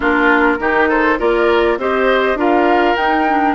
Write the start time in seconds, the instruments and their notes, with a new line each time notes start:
0.00 bassoon A#3, clarinet D4, oboe F4, flute A#4
0.59 bassoon D#3, clarinet D#4, oboe G4
0.88 oboe A4, flute C5
1.19 bassoon A#3, clarinet F4, oboe A#4, flute D5
1.77 bassoon C4, clarinet G4, oboe C5, flute D#5
2.34 bassoon D4, clarinet F4, oboe A#4, flute F5
2.96 clarinet D#4, bassoon D#4, flute G5
3.28 clarinet D4